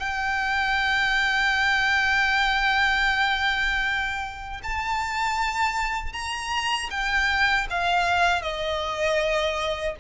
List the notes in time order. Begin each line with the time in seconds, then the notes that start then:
0.00 G5
4.64 A5
6.13 A#5
6.91 G5
7.70 F5
8.42 D#5